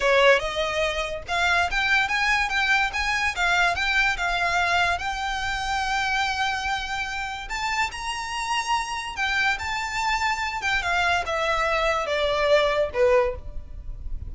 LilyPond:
\new Staff \with { instrumentName = "violin" } { \time 4/4 \tempo 4 = 144 cis''4 dis''2 f''4 | g''4 gis''4 g''4 gis''4 | f''4 g''4 f''2 | g''1~ |
g''2 a''4 ais''4~ | ais''2 g''4 a''4~ | a''4. g''8 f''4 e''4~ | e''4 d''2 b'4 | }